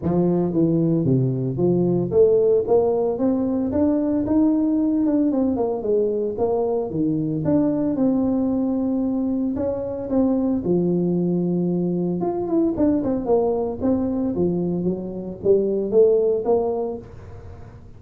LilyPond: \new Staff \with { instrumentName = "tuba" } { \time 4/4 \tempo 4 = 113 f4 e4 c4 f4 | a4 ais4 c'4 d'4 | dis'4. d'8 c'8 ais8 gis4 | ais4 dis4 d'4 c'4~ |
c'2 cis'4 c'4 | f2. f'8 e'8 | d'8 c'8 ais4 c'4 f4 | fis4 g4 a4 ais4 | }